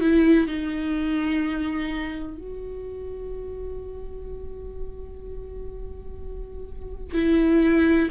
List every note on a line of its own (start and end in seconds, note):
0.00 0.47 E4
0.47 2.37 D#4
2.37 7.13 F#4
7.13 8.09 E4